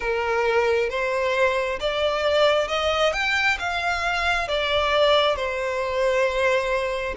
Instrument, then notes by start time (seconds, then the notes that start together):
violin
0.00 A#4
0.89 C5
1.80 D5
2.68 D#5
3.13 G5
3.59 F5
4.48 D5
5.35 C5